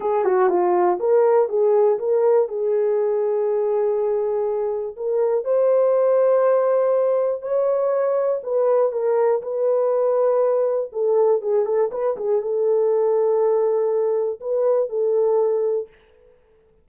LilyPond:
\new Staff \with { instrumentName = "horn" } { \time 4/4 \tempo 4 = 121 gis'8 fis'8 f'4 ais'4 gis'4 | ais'4 gis'2.~ | gis'2 ais'4 c''4~ | c''2. cis''4~ |
cis''4 b'4 ais'4 b'4~ | b'2 a'4 gis'8 a'8 | b'8 gis'8 a'2.~ | a'4 b'4 a'2 | }